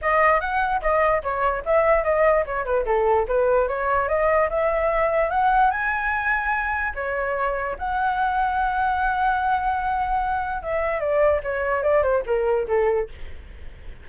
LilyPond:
\new Staff \with { instrumentName = "flute" } { \time 4/4 \tempo 4 = 147 dis''4 fis''4 dis''4 cis''4 | e''4 dis''4 cis''8 b'8 a'4 | b'4 cis''4 dis''4 e''4~ | e''4 fis''4 gis''2~ |
gis''4 cis''2 fis''4~ | fis''1~ | fis''2 e''4 d''4 | cis''4 d''8 c''8 ais'4 a'4 | }